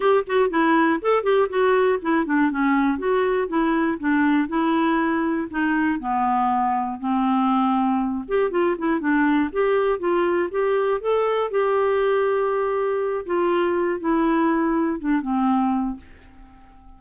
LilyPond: \new Staff \with { instrumentName = "clarinet" } { \time 4/4 \tempo 4 = 120 g'8 fis'8 e'4 a'8 g'8 fis'4 | e'8 d'8 cis'4 fis'4 e'4 | d'4 e'2 dis'4 | b2 c'2~ |
c'8 g'8 f'8 e'8 d'4 g'4 | f'4 g'4 a'4 g'4~ | g'2~ g'8 f'4. | e'2 d'8 c'4. | }